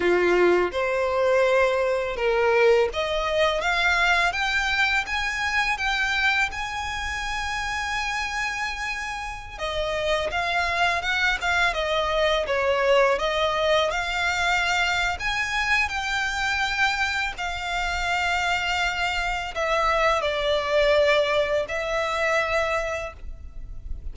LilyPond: \new Staff \with { instrumentName = "violin" } { \time 4/4 \tempo 4 = 83 f'4 c''2 ais'4 | dis''4 f''4 g''4 gis''4 | g''4 gis''2.~ | gis''4~ gis''16 dis''4 f''4 fis''8 f''16~ |
f''16 dis''4 cis''4 dis''4 f''8.~ | f''4 gis''4 g''2 | f''2. e''4 | d''2 e''2 | }